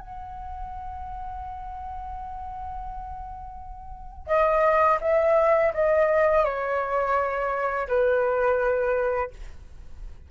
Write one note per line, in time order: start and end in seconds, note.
0.00 4.27 F#5
4.27 4.99 D#5
5.02 5.73 E5
5.74 6.45 D#5
6.45 7.88 C#5
7.88 9.31 B4